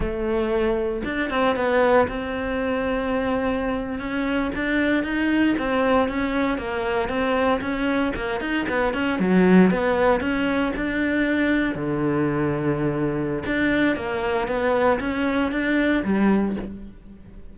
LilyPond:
\new Staff \with { instrumentName = "cello" } { \time 4/4 \tempo 4 = 116 a2 d'8 c'8 b4 | c'2.~ c'8. cis'16~ | cis'8. d'4 dis'4 c'4 cis'16~ | cis'8. ais4 c'4 cis'4 ais16~ |
ais16 dis'8 b8 cis'8 fis4 b4 cis'16~ | cis'8. d'2 d4~ d16~ | d2 d'4 ais4 | b4 cis'4 d'4 g4 | }